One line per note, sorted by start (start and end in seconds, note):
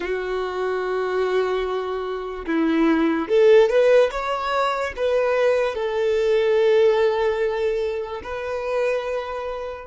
0.00 2.45 F#4
2.45 3.28 E4
3.28 3.69 A4
3.69 4.10 B4
4.11 4.93 C#5
4.96 5.75 B4
5.75 8.21 A4
8.23 9.87 B4